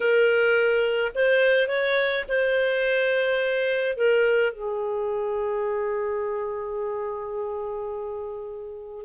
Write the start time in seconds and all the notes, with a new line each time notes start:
0.00 A#4
1.14 C5
1.68 C#5
2.28 C5
3.96 A#4
4.53 G#4